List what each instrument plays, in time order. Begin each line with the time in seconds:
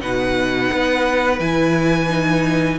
0.00 cello B2, viola D#4, violin B4 F#5
0.73 cello B3
1.40 cello E3, viola E4, violin G#5
2.09 viola D#4